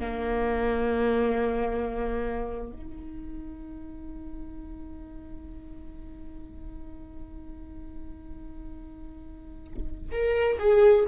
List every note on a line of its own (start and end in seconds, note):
0.00 2.72 A#3
2.72 10.11 D#4
10.12 10.58 A#4
10.59 11.05 G#4